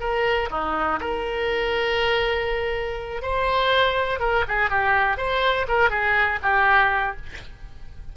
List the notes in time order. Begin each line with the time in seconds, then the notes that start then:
0.00 A#4
0.51 D#4
1.01 A#4
3.22 C5
4.20 A#4
4.48 G#4
4.70 G4
5.17 C5
5.68 A#4
5.90 G#4
6.43 G4